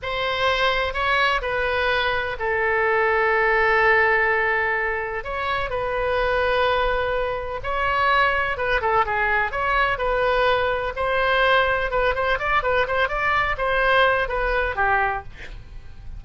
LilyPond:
\new Staff \with { instrumentName = "oboe" } { \time 4/4 \tempo 4 = 126 c''2 cis''4 b'4~ | b'4 a'2.~ | a'2. cis''4 | b'1 |
cis''2 b'8 a'8 gis'4 | cis''4 b'2 c''4~ | c''4 b'8 c''8 d''8 b'8 c''8 d''8~ | d''8 c''4. b'4 g'4 | }